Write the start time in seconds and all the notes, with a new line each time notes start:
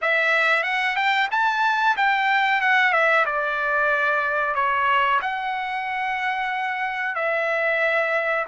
0.01 E5
0.63 F#5
0.95 G5
1.31 A5
1.97 G5
2.61 F#5
2.92 E5
3.25 D5
4.54 C#5
5.21 F#5
7.15 E5